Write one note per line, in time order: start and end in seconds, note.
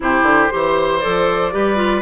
0.00 0.22 C3
0.00 0.50 E4
0.00 0.53 G4
0.00 1.00 C5
0.22 0.48 D3
0.50 1.04 E3
0.50 1.00 G4
0.50 1.53 C5
1.00 1.53 F3
1.00 1.51 A4
1.00 2.02 D5
1.51 2.02 G3
1.51 1.76 G4
1.51 2.02 B4
1.76 2.01 F4